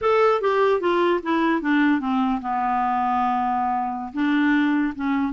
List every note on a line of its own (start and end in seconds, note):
0.01 0.41 A4
0.41 0.80 G4
0.80 1.20 F4
1.22 1.61 E4
1.61 2.00 D4
2.00 2.40 C4
2.41 4.12 B3
4.13 4.93 D4
4.95 5.32 C#4